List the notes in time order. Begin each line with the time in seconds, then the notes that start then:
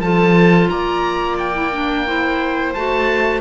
0.00 F3 F4 A4 A5
0.68 A#3 D5 A#5
1.38 G5
1.53 E4
1.72 D4
2.06 E4 C5
2.73 A3 F#4 A5